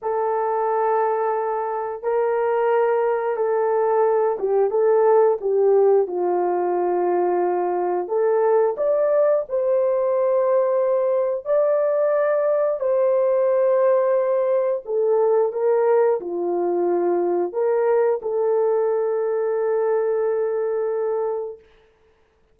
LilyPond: \new Staff \with { instrumentName = "horn" } { \time 4/4 \tempo 4 = 89 a'2. ais'4~ | ais'4 a'4. g'8 a'4 | g'4 f'2. | a'4 d''4 c''2~ |
c''4 d''2 c''4~ | c''2 a'4 ais'4 | f'2 ais'4 a'4~ | a'1 | }